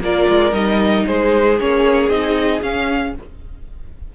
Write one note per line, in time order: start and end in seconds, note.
0.00 0.26 A#3
0.00 0.52 F4
0.00 1.06 A#4
0.00 0.53 D5
0.28 0.52 G#3
0.52 1.04 G3
0.52 1.56 D#4
0.52 1.06 D#5
1.06 1.60 G#3
1.06 3.14 G#4
1.06 1.58 C5
1.59 2.09 A#3
1.59 2.11 C#4
1.59 2.09 C#5
2.09 2.61 C4
2.09 2.61 D#4
2.09 2.61 D#5
2.61 3.13 C#4
2.61 3.14 C#4
2.61 3.15 F5